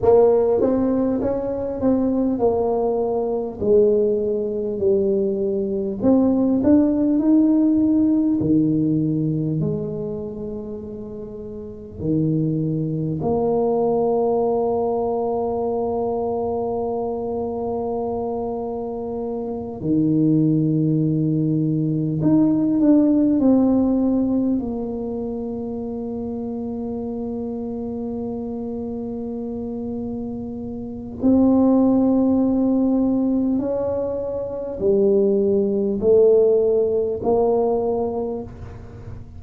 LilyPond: \new Staff \with { instrumentName = "tuba" } { \time 4/4 \tempo 4 = 50 ais8 c'8 cis'8 c'8 ais4 gis4 | g4 c'8 d'8 dis'4 dis4 | gis2 dis4 ais4~ | ais1~ |
ais8 dis2 dis'8 d'8 c'8~ | c'8 ais2.~ ais8~ | ais2 c'2 | cis'4 g4 a4 ais4 | }